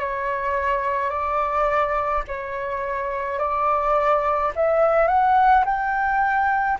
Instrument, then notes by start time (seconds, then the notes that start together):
flute
0.00 C#5
1.10 D5
2.28 C#5
3.39 D5
4.56 E5
5.08 F#5
5.65 G5